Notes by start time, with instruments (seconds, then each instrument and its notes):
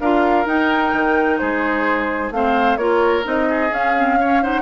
0.00 bassoon D4, clarinet F4, oboe A#4, flute F5
0.46 bassoon D#4, clarinet D#4, flute G5
0.93 bassoon D#3
1.38 bassoon G#3, oboe G#4, flute C5
2.31 bassoon A3, clarinet C4, oboe C5, flute F5
2.76 bassoon A#3, clarinet F4, oboe A#4, flute C#5
3.23 bassoon C4, clarinet D#4, flute D#5
3.49 oboe G#4
3.70 bassoon C#4, clarinet C#4, flute F5
3.97 clarinet C4
4.20 clarinet C#4, oboe C#5
4.42 clarinet D#4, oboe C5, flute F#5